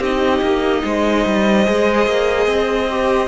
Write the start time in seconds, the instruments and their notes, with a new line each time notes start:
0.00 cello C4, viola D#4, violin G4 D#5
0.42 cello A#3
0.84 cello G#3, violin C5
1.26 cello G3
1.65 cello G#3, viola G#4
2.07 cello A#3
2.47 cello C4
2.91 viola G4